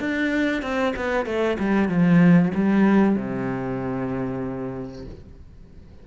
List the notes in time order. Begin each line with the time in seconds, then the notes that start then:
0.00 D4
0.63 C4
0.96 B3
1.26 A3
1.59 G3
1.89 F3
2.55 G3
3.16 C3